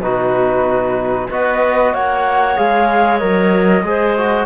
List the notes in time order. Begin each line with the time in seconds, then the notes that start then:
0.00 B2 D#4 F#4 B4
1.30 B3 F#4 B4 D#5
1.94 A#3 C#5 F#5
2.57 G#3 G#4 F5
3.18 F#3 A#4 D#5
3.83 G#3 G#4 C5
4.18 F#4